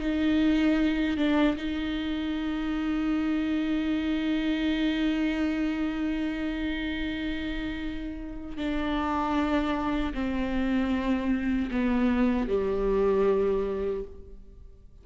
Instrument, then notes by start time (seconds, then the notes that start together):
viola
0.00 D#4
1.17 D4
1.57 D#4
8.57 D4
10.14 C4
11.71 B3
12.48 G3